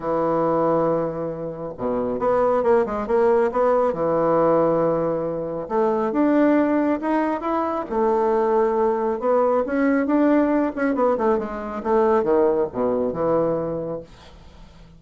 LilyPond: \new Staff \with { instrumentName = "bassoon" } { \time 4/4 \tempo 4 = 137 e1 | b,4 b4 ais8 gis8 ais4 | b4 e2.~ | e4 a4 d'2 |
dis'4 e'4 a2~ | a4 b4 cis'4 d'4~ | d'8 cis'8 b8 a8 gis4 a4 | dis4 b,4 e2 | }